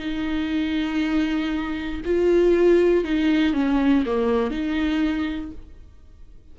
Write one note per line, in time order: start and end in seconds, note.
0.00 2.02 D#4
2.06 3.05 F4
3.05 3.54 D#4
3.54 4.05 C#4
4.06 4.51 A#3
4.51 5.52 D#4